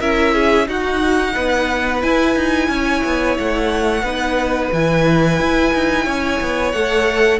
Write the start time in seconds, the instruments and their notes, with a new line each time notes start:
0.00 cello C#4, viola E4, violin A#4 E5
0.34 violin G#4
0.66 viola D#4, cello D#4, violin F#4 F#5
1.33 cello B3, violin B4
2.00 viola E4, cello E4, violin G#5
2.36 cello D#4
2.68 cello C#4, violin C#5
3.04 cello B3
3.38 cello A3, violin F#5
4.02 cello B3, viola D#4, violin B4
4.72 cello E3, viola E4, violin G#5
5.39 cello E4
5.74 cello D#4
6.04 cello C#4, violin C#5
6.40 cello B3
6.72 cello A3, viola A4, violin F#5